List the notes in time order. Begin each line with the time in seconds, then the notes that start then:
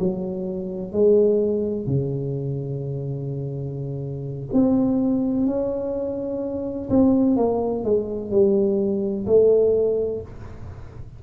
0.00 F#3
0.93 G#3
1.87 C#3
4.53 C4
5.47 C#4
6.90 C4
7.37 A#3
7.84 G#3
8.31 G3
9.27 A3